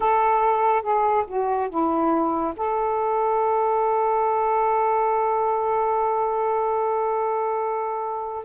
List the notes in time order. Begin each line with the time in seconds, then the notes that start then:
0.00 A4
0.82 G#4
1.27 F#4
1.69 E4
2.56 A4